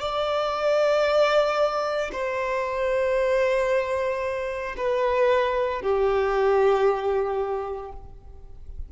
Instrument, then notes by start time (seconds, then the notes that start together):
violin
0.00 D5
2.12 C5
4.77 B4
5.82 G4